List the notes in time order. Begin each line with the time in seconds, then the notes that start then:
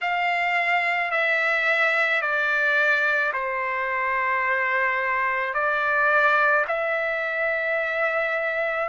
0.01 F5
1.11 E5
2.21 D5
3.33 C5
5.54 D5
6.67 E5